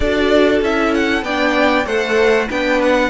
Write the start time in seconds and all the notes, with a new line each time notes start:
0.00 D4 F#4 A4 D5
0.61 C#4 E4 E5
0.94 F#5
1.22 B3 D4 D5 G5
1.85 A3 A4 C5 F#5
2.50 B3 D4 B4 G5
2.82 F#5